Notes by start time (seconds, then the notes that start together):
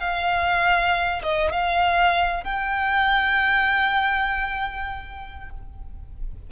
0.00 F5
1.23 D#5
1.53 F5
2.44 G5